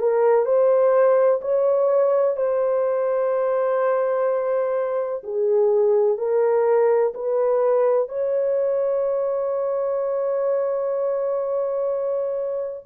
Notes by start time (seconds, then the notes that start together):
0.00 A#4
0.46 C5
1.42 C#5
2.37 C5
5.23 G#4
6.18 A#4
7.14 B4
8.09 C#5